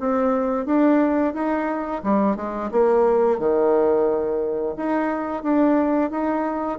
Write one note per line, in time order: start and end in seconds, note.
0.00 0.66 C4
0.66 1.34 D4
1.34 2.02 D#4
2.04 2.37 G3
2.37 2.71 G#3
2.71 3.39 A#3
3.39 4.76 D#3
4.77 5.44 D#4
5.44 6.11 D4
6.11 6.79 D#4